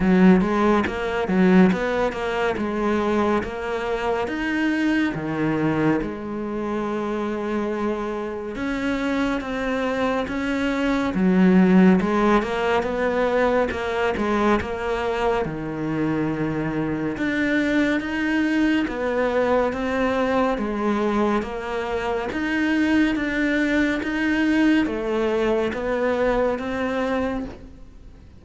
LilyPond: \new Staff \with { instrumentName = "cello" } { \time 4/4 \tempo 4 = 70 fis8 gis8 ais8 fis8 b8 ais8 gis4 | ais4 dis'4 dis4 gis4~ | gis2 cis'4 c'4 | cis'4 fis4 gis8 ais8 b4 |
ais8 gis8 ais4 dis2 | d'4 dis'4 b4 c'4 | gis4 ais4 dis'4 d'4 | dis'4 a4 b4 c'4 | }